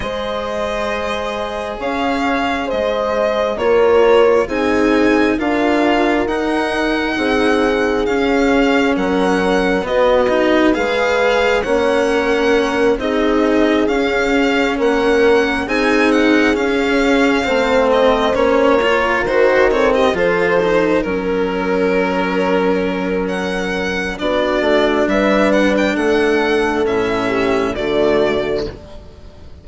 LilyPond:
<<
  \new Staff \with { instrumentName = "violin" } { \time 4/4 \tempo 4 = 67 dis''2 f''4 dis''4 | cis''4 gis''4 f''4 fis''4~ | fis''4 f''4 fis''4 dis''4 | f''4 fis''4. dis''4 f''8~ |
f''8 fis''4 gis''8 fis''8 f''4. | dis''8 cis''4 c''8 cis''16 dis''16 c''4 ais'8~ | ais'2 fis''4 d''4 | e''8 fis''16 g''16 fis''4 e''4 d''4 | }
  \new Staff \with { instrumentName = "horn" } { \time 4/4 c''2 cis''4 c''4 | ais'4 gis'4 ais'2 | gis'2 ais'4 fis'4 | b'4 cis''8 ais'4 gis'4.~ |
gis'8 ais'4 gis'2 c''8~ | c''4 ais'4 a'16 g'16 a'4 ais'8~ | ais'2. fis'4 | b'4 a'4. g'8 fis'4 | }
  \new Staff \with { instrumentName = "cello" } { \time 4/4 gis'1 | f'4 dis'4 f'4 dis'4~ | dis'4 cis'2 b8 dis'8 | gis'4 cis'4. dis'4 cis'8~ |
cis'4. dis'4 cis'4 c'8~ | c'8 cis'8 f'8 fis'8 c'8 f'8 dis'8 cis'8~ | cis'2. d'4~ | d'2 cis'4 a4 | }
  \new Staff \with { instrumentName = "bassoon" } { \time 4/4 gis2 cis'4 gis4 | ais4 c'4 d'4 dis'4 | c'4 cis'4 fis4 b4 | gis4 ais4. c'4 cis'8~ |
cis'8 ais4 c'4 cis'4 a8~ | a8 ais4 dis4 f4 fis8~ | fis2. b8 a8 | g4 a4 a,4 d4 | }
>>